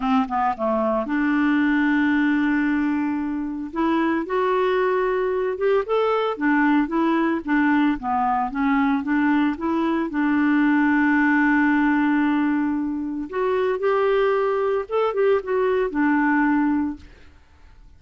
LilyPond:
\new Staff \with { instrumentName = "clarinet" } { \time 4/4 \tempo 4 = 113 c'8 b8 a4 d'2~ | d'2. e'4 | fis'2~ fis'8 g'8 a'4 | d'4 e'4 d'4 b4 |
cis'4 d'4 e'4 d'4~ | d'1~ | d'4 fis'4 g'2 | a'8 g'8 fis'4 d'2 | }